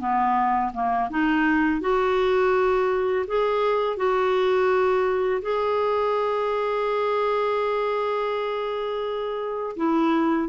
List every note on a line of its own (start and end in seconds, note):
0.00 0.72 B3
0.74 1.10 A#3
1.10 1.81 D#4
1.81 3.26 F#4
3.28 3.97 G#4
3.97 5.42 F#4
5.42 9.76 G#4
9.77 10.49 E4